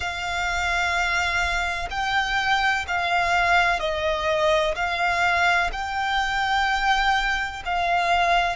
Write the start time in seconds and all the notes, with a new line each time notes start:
0.00 F5
1.90 G5
2.87 F5
3.79 D#5
4.75 F5
5.72 G5
7.65 F5